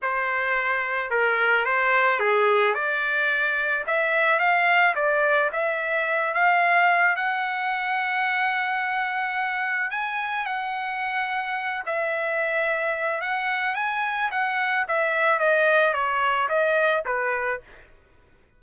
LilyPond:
\new Staff \with { instrumentName = "trumpet" } { \time 4/4 \tempo 4 = 109 c''2 ais'4 c''4 | gis'4 d''2 e''4 | f''4 d''4 e''4. f''8~ | f''4 fis''2.~ |
fis''2 gis''4 fis''4~ | fis''4. e''2~ e''8 | fis''4 gis''4 fis''4 e''4 | dis''4 cis''4 dis''4 b'4 | }